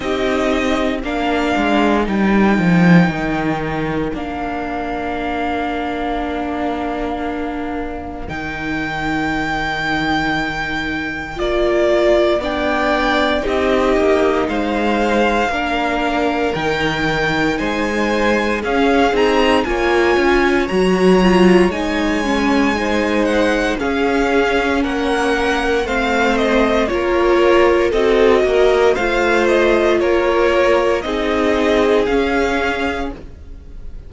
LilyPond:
<<
  \new Staff \with { instrumentName = "violin" } { \time 4/4 \tempo 4 = 58 dis''4 f''4 g''2 | f''1 | g''2. d''4 | g''4 dis''4 f''2 |
g''4 gis''4 f''8 ais''8 gis''4 | ais''4 gis''4. fis''8 f''4 | fis''4 f''8 dis''8 cis''4 dis''4 | f''8 dis''8 cis''4 dis''4 f''4 | }
  \new Staff \with { instrumentName = "violin" } { \time 4/4 g'4 ais'2.~ | ais'1~ | ais'1 | d''4 g'4 c''4 ais'4~ |
ais'4 c''4 gis'4 cis''4~ | cis''2 c''4 gis'4 | ais'4 c''4 ais'4 a'8 ais'8 | c''4 ais'4 gis'2 | }
  \new Staff \with { instrumentName = "viola" } { \time 4/4 dis'4 d'4 dis'2 | d'1 | dis'2. f'4 | d'4 dis'2 d'4 |
dis'2 cis'8 dis'8 f'4 | fis'8 f'8 dis'8 cis'8 dis'4 cis'4~ | cis'4 c'4 f'4 fis'4 | f'2 dis'4 cis'4 | }
  \new Staff \with { instrumentName = "cello" } { \time 4/4 c'4 ais8 gis8 g8 f8 dis4 | ais1 | dis2. ais4 | b4 c'8 ais8 gis4 ais4 |
dis4 gis4 cis'8 c'8 ais8 cis'8 | fis4 gis2 cis'4 | ais4 a4 ais4 c'8 ais8 | a4 ais4 c'4 cis'4 | }
>>